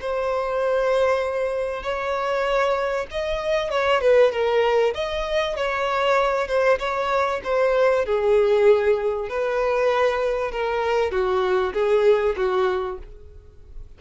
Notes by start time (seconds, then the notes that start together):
0.00 C5
1.83 C#5
3.10 D#5
3.70 C#5
4.01 B4
4.31 A#4
4.94 D#5
5.56 C#5
6.48 C5
6.79 C#5
7.43 C5
8.05 G#4
9.29 B4
10.51 A#4
11.11 F#4
11.73 G#4
12.36 F#4